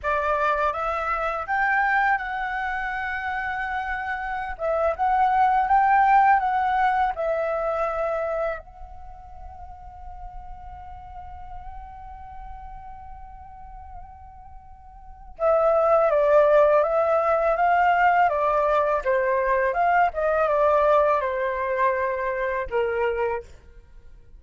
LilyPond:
\new Staff \with { instrumentName = "flute" } { \time 4/4 \tempo 4 = 82 d''4 e''4 g''4 fis''4~ | fis''2~ fis''16 e''8 fis''4 g''16~ | g''8. fis''4 e''2 fis''16~ | fis''1~ |
fis''1~ | fis''4 e''4 d''4 e''4 | f''4 d''4 c''4 f''8 dis''8 | d''4 c''2 ais'4 | }